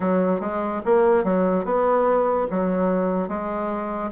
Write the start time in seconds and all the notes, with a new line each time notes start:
0.00 F#3
0.40 G#3
0.85 A#3
1.24 F#3
1.64 B3
2.50 F#3
3.28 G#3